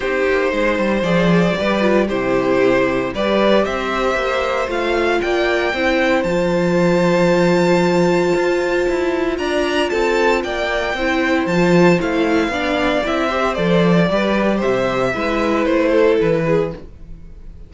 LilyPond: <<
  \new Staff \with { instrumentName = "violin" } { \time 4/4 \tempo 4 = 115 c''2 d''2 | c''2 d''4 e''4~ | e''4 f''4 g''2 | a''1~ |
a''2 ais''4 a''4 | g''2 a''4 f''4~ | f''4 e''4 d''2 | e''2 c''4 b'4 | }
  \new Staff \with { instrumentName = "violin" } { \time 4/4 g'4 c''2 b'4 | g'2 b'4 c''4~ | c''2 d''4 c''4~ | c''1~ |
c''2 d''4 a'4 | d''4 c''2. | d''4. c''4. b'4 | c''4 b'4. a'4 gis'8 | }
  \new Staff \with { instrumentName = "viola" } { \time 4/4 dis'2 gis'4 g'8 f'8 | e'2 g'2~ | g'4 f'2 e'4 | f'1~ |
f'1~ | f'4 e'4 f'4 e'4 | d'4 e'8 g'8 a'4 g'4~ | g'4 e'2. | }
  \new Staff \with { instrumentName = "cello" } { \time 4/4 c'8 ais8 gis8 g8 f4 g4 | c2 g4 c'4 | ais4 a4 ais4 c'4 | f1 |
f'4 e'4 d'4 c'4 | ais4 c'4 f4 a4 | b4 c'4 f4 g4 | c4 gis4 a4 e4 | }
>>